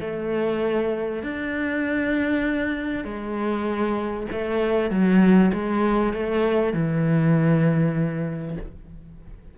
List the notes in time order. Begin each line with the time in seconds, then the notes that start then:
0.00 A3
1.22 D4
3.04 G#3
4.31 A3
4.90 F#3
5.53 G#3
6.13 A3
6.73 E3